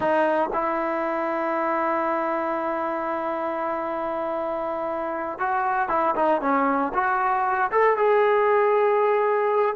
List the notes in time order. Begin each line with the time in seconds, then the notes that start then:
0.00 D#4
0.53 E4
5.38 F#4
5.89 E4
6.15 D#4
6.41 C#4
6.93 F#4
7.71 A4
7.96 G#4